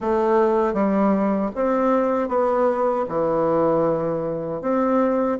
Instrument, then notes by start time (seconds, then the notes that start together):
bassoon
0.00 A3
0.73 G3
1.55 C4
2.28 B3
3.08 E3
4.61 C4